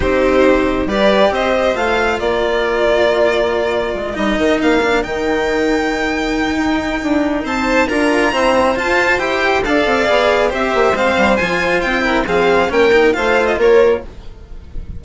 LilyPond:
<<
  \new Staff \with { instrumentName = "violin" } { \time 4/4 \tempo 4 = 137 c''2 d''4 dis''4 | f''4 d''2.~ | d''4. dis''4 f''4 g''8~ | g''1~ |
g''4 a''4 ais''2 | a''4 g''4 f''2 | e''4 f''4 gis''4 g''4 | f''4 g''4 f''8. dis''16 cis''4 | }
  \new Staff \with { instrumentName = "violin" } { \time 4/4 g'2 b'4 c''4~ | c''4 ais'2.~ | ais'1~ | ais'1~ |
ais'4 c''4 ais'4 c''4~ | c''2 d''2 | c''2.~ c''8 ais'8 | gis'4 ais'4 c''4 ais'4 | }
  \new Staff \with { instrumentName = "cello" } { \time 4/4 dis'2 g'2 | f'1~ | f'4. dis'4. d'8 dis'8~ | dis'1~ |
dis'2 f'4 c'4 | f'4 g'4 a'4 gis'4 | g'4 c'4 f'4. e'8 | c'4 cis'8 dis'8 f'2 | }
  \new Staff \with { instrumentName = "bassoon" } { \time 4/4 c'2 g4 c'4 | a4 ais2.~ | ais4 gis8 g8 dis8 ais4 dis8~ | dis2. dis'4 |
d'4 c'4 d'4 e'4 | f'4 e'4 d'8 c'8 b4 | c'8 ais8 gis8 g8 f4 c'4 | f4 ais4 a4 ais4 | }
>>